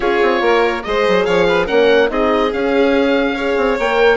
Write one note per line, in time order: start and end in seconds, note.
0.00 0.19 C#4
0.00 0.83 F4
0.00 0.41 G#4
0.00 0.83 C#5
0.22 0.41 C4
0.41 0.83 A#3
0.41 0.83 A#4
0.83 1.07 G#3
0.83 1.67 G#4
0.83 1.25 C5
0.83 1.24 D#5
1.08 1.27 F#3
1.24 1.69 F3
1.24 1.46 C#5
1.24 1.66 F5
1.48 1.65 B4
1.65 2.10 A#3
1.65 2.08 C#4
1.65 2.07 A#4
1.65 2.09 F#5
2.08 2.51 C4
2.08 2.50 D#4
2.08 3.34 G#4
2.08 2.52 D#5
2.52 3.36 C#4
2.52 3.56 C#4
2.52 3.78 F5
3.34 3.79 G#4
3.34 4.17 C#5
3.56 3.77 C4
3.78 4.17 A#3
3.78 4.17 A#4
3.78 4.17 G5